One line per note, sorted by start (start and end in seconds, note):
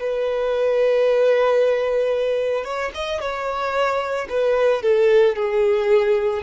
0.00 2.65 B4
2.65 2.92 C#5
2.95 3.21 D#5
3.21 4.28 C#5
4.30 4.83 B4
4.83 5.36 A4
5.36 6.43 G#4